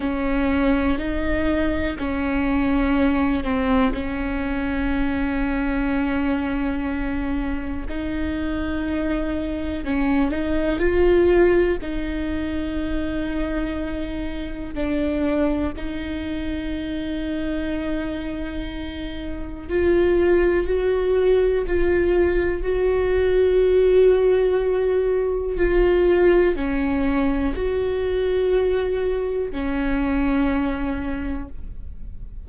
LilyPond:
\new Staff \with { instrumentName = "viola" } { \time 4/4 \tempo 4 = 61 cis'4 dis'4 cis'4. c'8 | cis'1 | dis'2 cis'8 dis'8 f'4 | dis'2. d'4 |
dis'1 | f'4 fis'4 f'4 fis'4~ | fis'2 f'4 cis'4 | fis'2 cis'2 | }